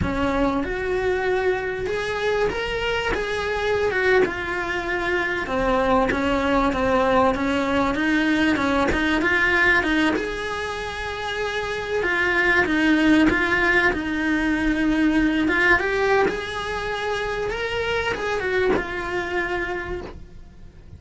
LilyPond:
\new Staff \with { instrumentName = "cello" } { \time 4/4 \tempo 4 = 96 cis'4 fis'2 gis'4 | ais'4 gis'4~ gis'16 fis'8 f'4~ f'16~ | f'8. c'4 cis'4 c'4 cis'16~ | cis'8. dis'4 cis'8 dis'8 f'4 dis'16~ |
dis'16 gis'2. f'8.~ | f'16 dis'4 f'4 dis'4.~ dis'16~ | dis'8. f'8 g'8. gis'2 | ais'4 gis'8 fis'8 f'2 | }